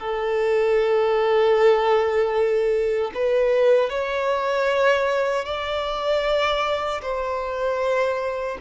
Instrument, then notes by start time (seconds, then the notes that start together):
violin
0.00 A4
3.15 B4
3.90 C#5
5.45 D5
7.02 C5